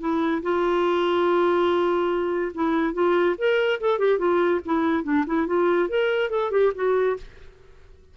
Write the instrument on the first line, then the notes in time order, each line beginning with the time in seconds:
clarinet
0.00 E4
0.43 F4
2.55 E4
2.94 F4
3.38 A#4
3.80 A4
3.99 G4
4.18 F4
4.65 E4
5.04 D4
5.27 E4
5.47 F4
5.89 A#4
6.30 A4
6.51 G4
6.75 F#4